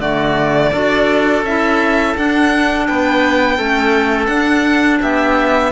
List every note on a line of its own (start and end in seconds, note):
0.00 0.71 D3
0.00 0.72 A3
0.00 0.72 F#4
0.00 1.44 D5
0.72 1.43 D4
0.72 1.44 F#4
0.72 2.86 A4
1.43 2.14 C#4
1.43 2.18 E4
1.43 2.17 E5
2.17 2.89 D4
2.17 3.58 D4
2.17 2.87 F#5
2.87 3.59 B3
2.87 3.57 B4
2.87 4.27 G5
3.57 4.28 A3
3.57 4.29 C#4
3.57 5.00 A4
4.27 4.99 D4
4.27 5.72 D4
4.27 4.98 F#5
5.02 5.72 B3
5.02 5.72 G4
5.02 5.72 E5